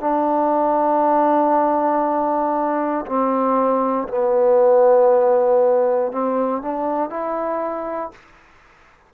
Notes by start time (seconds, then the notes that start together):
0.00 D4
3.06 C4
4.08 B3
6.12 C4
6.62 D4
7.10 E4